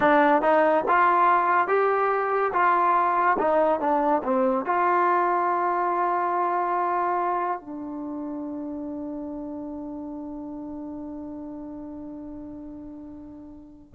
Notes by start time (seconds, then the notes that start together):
0.00 D4
0.41 D#4
0.88 F4
1.67 G4
2.52 F4
3.38 D#4
3.80 D4
4.23 C4
4.65 F4
7.60 D4